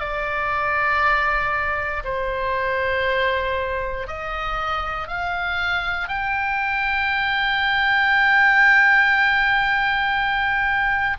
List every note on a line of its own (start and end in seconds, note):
0.00 2.03 D5
2.04 4.07 C5
4.07 5.08 D#5
5.08 6.08 F5
6.08 11.17 G5